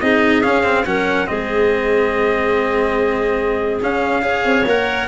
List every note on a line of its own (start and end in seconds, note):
0.00 0.43 C4
0.00 0.43 D#4
0.00 0.86 G#4
0.00 0.42 D#5
0.42 0.85 C#4
0.42 0.63 C#4
0.42 0.84 F5
0.63 0.84 C4
0.85 1.27 F#3
0.85 1.26 C#4
0.85 1.28 A#4
0.85 1.27 F#5
1.26 3.81 G#3
1.26 3.80 C4
1.26 4.24 G#4
1.26 3.80 D#5
3.81 4.45 C#4
3.81 4.22 C#4
3.81 4.67 F5
4.22 4.64 G#4
4.22 5.08 C#5
4.45 4.65 C4
4.65 5.07 A#3
4.65 5.08 A#4
4.65 5.08 F#5